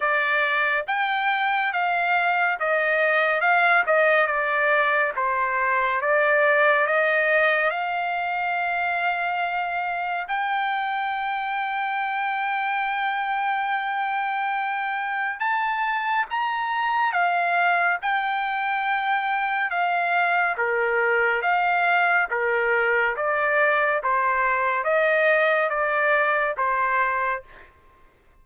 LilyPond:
\new Staff \with { instrumentName = "trumpet" } { \time 4/4 \tempo 4 = 70 d''4 g''4 f''4 dis''4 | f''8 dis''8 d''4 c''4 d''4 | dis''4 f''2. | g''1~ |
g''2 a''4 ais''4 | f''4 g''2 f''4 | ais'4 f''4 ais'4 d''4 | c''4 dis''4 d''4 c''4 | }